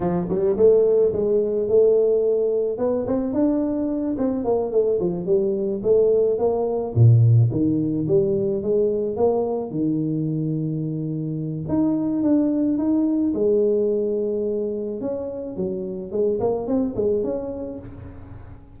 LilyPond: \new Staff \with { instrumentName = "tuba" } { \time 4/4 \tempo 4 = 108 f8 g8 a4 gis4 a4~ | a4 b8 c'8 d'4. c'8 | ais8 a8 f8 g4 a4 ais8~ | ais8 ais,4 dis4 g4 gis8~ |
gis8 ais4 dis2~ dis8~ | dis4 dis'4 d'4 dis'4 | gis2. cis'4 | fis4 gis8 ais8 c'8 gis8 cis'4 | }